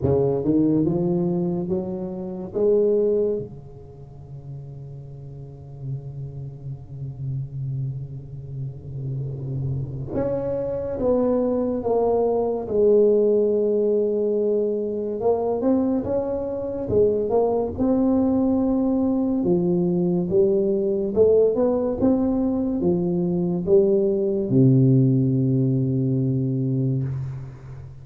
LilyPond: \new Staff \with { instrumentName = "tuba" } { \time 4/4 \tempo 4 = 71 cis8 dis8 f4 fis4 gis4 | cis1~ | cis1 | cis'4 b4 ais4 gis4~ |
gis2 ais8 c'8 cis'4 | gis8 ais8 c'2 f4 | g4 a8 b8 c'4 f4 | g4 c2. | }